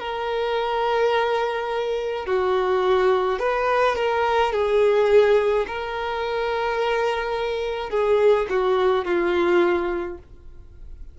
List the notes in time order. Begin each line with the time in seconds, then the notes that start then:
0.00 A#4
2.26 F#4
3.40 B4
3.96 A#4
4.53 G#4
5.68 A#4
7.90 G#4
8.50 F#4
9.05 F4